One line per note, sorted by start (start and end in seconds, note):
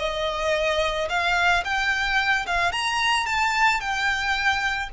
0.00 1.09 D#5
1.10 1.64 F5
1.65 2.47 G5
2.47 2.72 F5
2.72 3.27 A#5
3.27 3.81 A5
3.81 4.90 G5